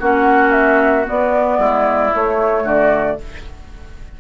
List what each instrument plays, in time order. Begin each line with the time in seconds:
0.00 bassoon A#3, clarinet C#4, oboe F#4, flute F#5
0.52 flute E5
1.05 clarinet B3, bassoon B3, flute D5
1.59 bassoon G#3, oboe E4
2.13 clarinet A3, bassoon A3, flute C#5
2.63 bassoon D3, oboe F#4, flute D5